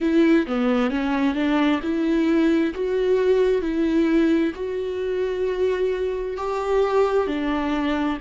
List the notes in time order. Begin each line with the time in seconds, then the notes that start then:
0.00 E4
0.46 B3
0.90 C#4
1.34 D4
1.82 E4
2.74 F#4
3.61 E4
4.55 F#4
6.36 G4
7.27 D4